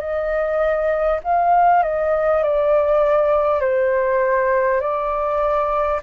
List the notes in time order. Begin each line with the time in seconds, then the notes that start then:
0.00 D#5
1.24 F5
1.83 D#5
2.43 D5
3.61 C5
4.81 D5